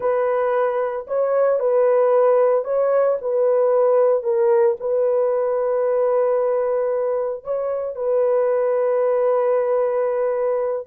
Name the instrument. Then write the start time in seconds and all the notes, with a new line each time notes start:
horn
0.00 B4
1.07 C#5
1.59 B4
2.64 C#5
3.21 B4
4.23 A#4
4.80 B4
7.43 C#5
7.95 B4